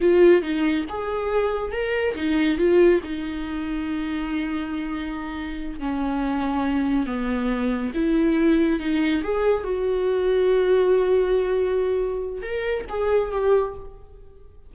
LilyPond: \new Staff \with { instrumentName = "viola" } { \time 4/4 \tempo 4 = 140 f'4 dis'4 gis'2 | ais'4 dis'4 f'4 dis'4~ | dis'1~ | dis'4. cis'2~ cis'8~ |
cis'8 b2 e'4.~ | e'8 dis'4 gis'4 fis'4.~ | fis'1~ | fis'4 ais'4 gis'4 g'4 | }